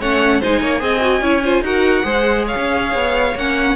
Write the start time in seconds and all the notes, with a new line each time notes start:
0.00 A3 C#4 C#5 F#5
0.40 G#3 D#4 C5 G#5
0.61 A#3 C#5
0.79 C4 G#4 D#5
1.01 F#4
1.21 C#4 E4 C#5
1.43 F4 C5
1.62 D#4 F#4 A#4 F#5
2.04 G#3 G#4 C5
2.46 C#5 F5
2.55 C#4
2.94 B3
3.35 A#3 C#4 F#5